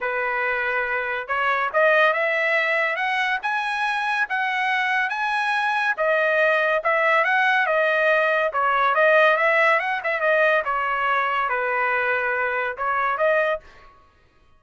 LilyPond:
\new Staff \with { instrumentName = "trumpet" } { \time 4/4 \tempo 4 = 141 b'2. cis''4 | dis''4 e''2 fis''4 | gis''2 fis''2 | gis''2 dis''2 |
e''4 fis''4 dis''2 | cis''4 dis''4 e''4 fis''8 e''8 | dis''4 cis''2 b'4~ | b'2 cis''4 dis''4 | }